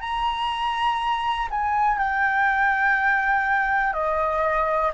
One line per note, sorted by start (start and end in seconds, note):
0.00 1.48 A#5
1.50 1.98 G#5
1.98 3.93 G5
3.93 4.91 D#5